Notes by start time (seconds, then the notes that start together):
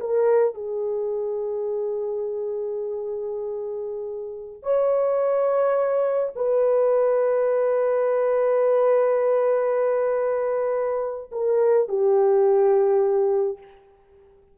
0.00 A#4
0.55 G#4
4.63 C#5
6.36 B4
11.32 A#4
11.88 G4